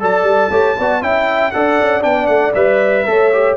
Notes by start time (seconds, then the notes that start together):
0.00 F#3 A4 D5 A5
0.22 G3
0.50 A3 G4 C#5
0.77 B3 F#4 D5
1.01 C#4 E4 E5 G5
1.51 D4 A4 D5 F#5
1.81 C#4
2.00 B3 D4 G5
2.27 A3 F#5
2.54 G3 B4 E5
3.06 A3 A4 C#5
3.33 G4